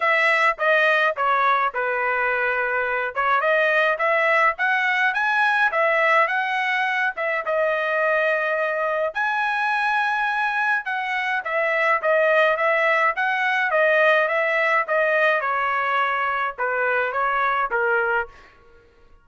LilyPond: \new Staff \with { instrumentName = "trumpet" } { \time 4/4 \tempo 4 = 105 e''4 dis''4 cis''4 b'4~ | b'4. cis''8 dis''4 e''4 | fis''4 gis''4 e''4 fis''4~ | fis''8 e''8 dis''2. |
gis''2. fis''4 | e''4 dis''4 e''4 fis''4 | dis''4 e''4 dis''4 cis''4~ | cis''4 b'4 cis''4 ais'4 | }